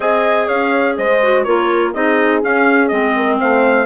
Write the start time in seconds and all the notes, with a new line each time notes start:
0.00 C4 G#4 D#5 G#5
0.46 C#4 C#5 F5
0.97 G#3 C5 D#5
1.22 F#4
1.43 A#3 F4 A#4 C#5
1.93 C4 D#4 G#4 D#5
2.41 C#4 F5
2.88 G#3 C4 D#5
3.15 A#4
3.39 A3 C5 F5